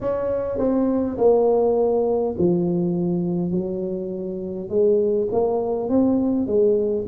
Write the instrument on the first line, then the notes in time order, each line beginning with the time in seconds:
tuba
0.00 C#4
0.58 C4
1.17 A#3
2.37 F3
3.51 F#3
4.69 G#3
5.31 A#3
5.89 C4
6.47 G#3